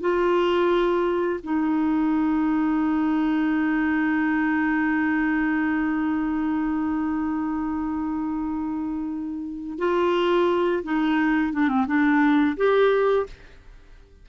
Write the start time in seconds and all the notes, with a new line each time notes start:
0.00 F4
1.43 D#4
9.78 F4
10.83 D#4
11.52 D4
11.68 C4
11.86 D4
12.56 G4